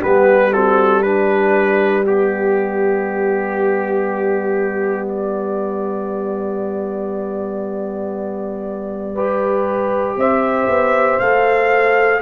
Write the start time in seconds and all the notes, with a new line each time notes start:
0.00 G3 B3 G4 B4
0.53 C4 F#4 A4
1.03 D4 G4 B4
2.04 B3 G4
5.08 D5
9.15 G4 B4
10.17 C4 C5 E5
10.68 B3
11.20 A3 A4 F5